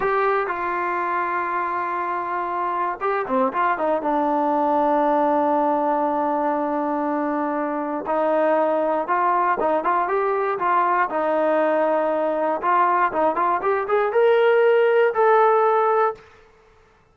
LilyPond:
\new Staff \with { instrumentName = "trombone" } { \time 4/4 \tempo 4 = 119 g'4 f'2.~ | f'2 g'8 c'8 f'8 dis'8 | d'1~ | d'1 |
dis'2 f'4 dis'8 f'8 | g'4 f'4 dis'2~ | dis'4 f'4 dis'8 f'8 g'8 gis'8 | ais'2 a'2 | }